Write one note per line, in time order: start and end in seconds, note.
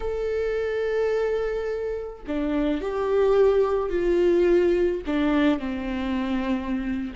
0.00 2.23 A4
2.27 2.81 D4
2.81 3.89 G4
3.89 5.01 F4
5.06 5.59 D4
5.59 7.13 C4